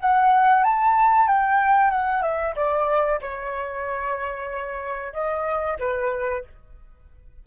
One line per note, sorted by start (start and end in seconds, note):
0.00 0.64 F#5
0.64 1.27 A5
1.27 1.91 G5
1.91 2.22 F#5
2.22 2.54 E5
2.56 3.20 D5
3.21 5.13 C#5
5.13 5.77 D#5
5.79 6.44 B4